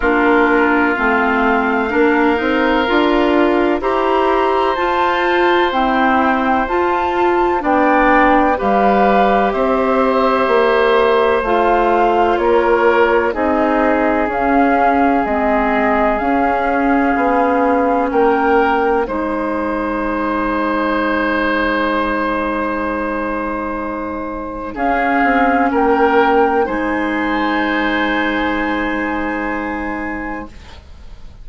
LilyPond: <<
  \new Staff \with { instrumentName = "flute" } { \time 4/4 \tempo 4 = 63 ais'4 f''2. | ais''4 a''4 g''4 a''4 | g''4 f''4 e''2 | f''4 cis''4 dis''4 f''4 |
dis''4 f''2 g''4 | gis''1~ | gis''2 f''4 g''4 | gis''1 | }
  \new Staff \with { instrumentName = "oboe" } { \time 4/4 f'2 ais'2 | c''1 | d''4 b'4 c''2~ | c''4 ais'4 gis'2~ |
gis'2. ais'4 | c''1~ | c''2 gis'4 ais'4 | c''1 | }
  \new Staff \with { instrumentName = "clarinet" } { \time 4/4 d'4 c'4 d'8 dis'8 f'4 | g'4 f'4 c'4 f'4 | d'4 g'2. | f'2 dis'4 cis'4 |
c'4 cis'2. | dis'1~ | dis'2 cis'2 | dis'1 | }
  \new Staff \with { instrumentName = "bassoon" } { \time 4/4 ais4 a4 ais8 c'8 d'4 | e'4 f'4 e'4 f'4 | b4 g4 c'4 ais4 | a4 ais4 c'4 cis'4 |
gis4 cis'4 b4 ais4 | gis1~ | gis2 cis'8 c'8 ais4 | gis1 | }
>>